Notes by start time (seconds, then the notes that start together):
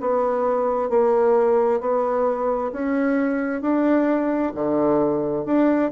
0.00 B3
0.89 A#3
1.81 B3
2.72 C#4
3.62 D4
4.55 D3
5.45 D4